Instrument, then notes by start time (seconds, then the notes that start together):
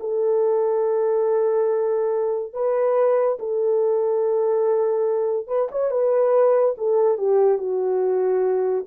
horn
0.00 A4
2.53 B4
3.39 A4
5.47 B4
5.71 C#5
5.91 B4
6.77 A4
7.18 G4
7.58 F#4